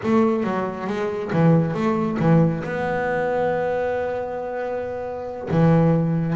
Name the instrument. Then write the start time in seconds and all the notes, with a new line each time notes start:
double bass
0.03 A3
0.43 F#3
0.87 G#3
1.33 E3
1.74 A3
2.19 E3
2.64 B3
5.50 E3